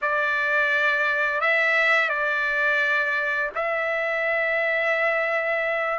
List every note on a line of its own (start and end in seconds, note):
0.01 1.41 D5
1.41 2.09 E5
2.09 3.50 D5
3.55 5.99 E5